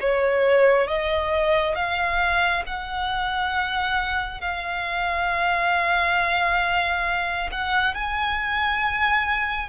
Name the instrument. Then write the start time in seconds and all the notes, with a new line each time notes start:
violin
0.00 C#5
0.87 D#5
1.74 F5
2.66 F#5
4.40 F5
7.51 F#5
7.94 G#5